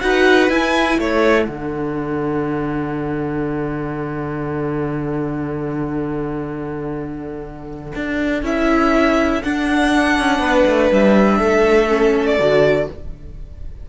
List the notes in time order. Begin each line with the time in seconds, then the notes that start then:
0.00 D#4 F#4 B4 F#5
0.48 E4 G#5
0.97 A3 A4 C#5
1.45 D3 D4 F#5
7.95 D4
8.42 C#4 E4 E5
9.42 D4 F#5
10.19 C#4
10.39 B3 B4
10.65 A3
10.91 G3 E5
11.37 A3 A4
11.88 C#4
12.26 D5
12.39 D3 F#4